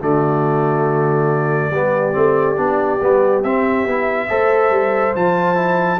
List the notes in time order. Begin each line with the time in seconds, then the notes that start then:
0.00 D3 A3 F#4 D5
1.70 G3 B3 G4
2.13 A3 C4
2.56 B3 D4
3.01 G3 B3
3.43 C4 E5
3.86 B3 E4
4.29 A3 A4 C5
4.71 G3
5.15 F3 F4 A5
5.55 E4